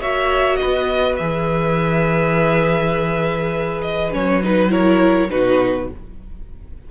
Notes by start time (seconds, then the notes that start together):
0.00 A#3 F#4 C#5 E5
0.56 B4 D#5
0.64 B3
1.17 E3 G#4 E5
3.82 D#5
4.12 F#3 C#4 C#5
4.43 D#4 B4
4.69 E4 A#4 C#5
5.30 B2 D#4 F#4 B4